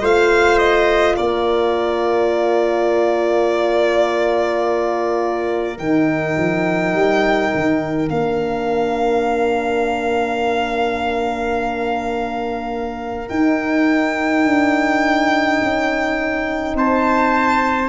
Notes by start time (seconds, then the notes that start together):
0.00 A3 F4 C5 F5
0.58 D#5
1.16 A#3 A#4 D5
5.78 D#3 D#4 G5
6.37 F3
6.92 G3
7.54 D#3
8.09 A#3 D4 F5
13.28 D#4 G5
14.44 D4
15.61 C#4
16.74 C4 C5 A5